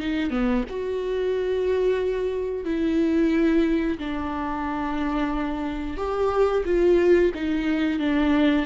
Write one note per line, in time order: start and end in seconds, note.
0.00 0.31 D#4
0.31 0.64 B3
0.69 2.65 F#4
2.65 3.98 E4
3.98 5.97 D4
5.97 6.64 G4
6.65 7.32 F4
7.35 7.99 D#4
7.99 8.66 D4